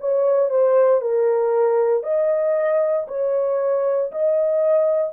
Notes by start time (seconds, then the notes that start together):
0.00 C#5
0.50 C5
1.02 A#4
2.04 D#5
3.08 C#5
4.12 D#5